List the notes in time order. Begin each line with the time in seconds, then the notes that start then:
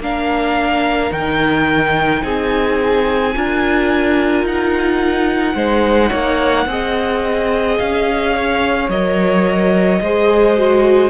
0.00 A#3 D4 A#4 F5
1.10 D#3 D#4 G5
2.23 C4 G#4 G#5
3.34 D4 F4 A#4
4.44 D#4 F#5
5.55 G#3 D#4 C5
6.10 A#3 C#5
6.66 C4 G#4 D#5
7.79 C#4 F5
8.36 C#5
8.89 F#3 A#4 D#5
10.01 G#3 G#4 C5
10.58 F#4